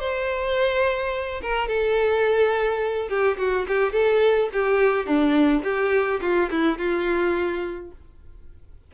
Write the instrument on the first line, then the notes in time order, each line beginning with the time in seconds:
violin
0.00 C5
1.42 A#4
1.68 A4
3.09 G4
3.38 F#4
3.68 G4
3.93 A4
4.53 G4
5.07 D4
5.64 G4
6.21 F4
6.51 E4
6.78 F4